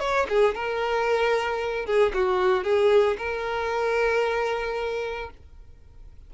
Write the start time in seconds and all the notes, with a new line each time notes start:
0.00 C#5
0.29 G#4
0.55 A#4
1.86 G#4
2.14 F#4
2.64 G#4
3.18 A#4